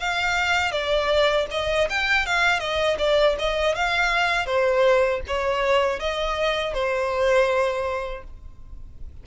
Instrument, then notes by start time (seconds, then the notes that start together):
violin
0.00 F5
0.72 D5
1.51 D#5
1.89 G5
2.26 F5
2.59 D#5
2.98 D5
3.39 D#5
3.75 F5
4.46 C5
5.27 C#5
5.99 D#5
6.74 C5